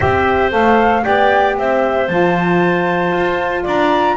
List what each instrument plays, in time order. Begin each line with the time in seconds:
0.00 double bass C4, saxophone G4, clarinet C5, flute E5
0.50 double bass A3, saxophone A4, flute F5
1.02 double bass B3, saxophone G4, clarinet D5, flute G5
1.58 double bass C4, clarinet C5, flute E5
2.07 double bass F3, saxophone F4, flute A5
3.11 double bass F4
3.63 double bass D4, clarinet D5, flute A#5